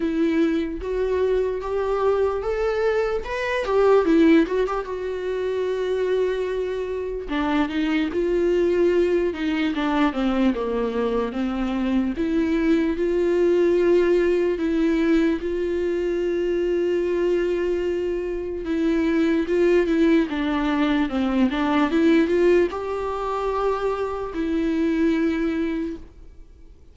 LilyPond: \new Staff \with { instrumentName = "viola" } { \time 4/4 \tempo 4 = 74 e'4 fis'4 g'4 a'4 | b'8 g'8 e'8 fis'16 g'16 fis'2~ | fis'4 d'8 dis'8 f'4. dis'8 | d'8 c'8 ais4 c'4 e'4 |
f'2 e'4 f'4~ | f'2. e'4 | f'8 e'8 d'4 c'8 d'8 e'8 f'8 | g'2 e'2 | }